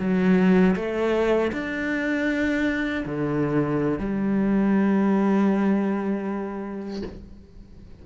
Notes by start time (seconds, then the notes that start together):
0.00 F#3
0.76 A3
1.53 D4
3.06 D3
3.99 G3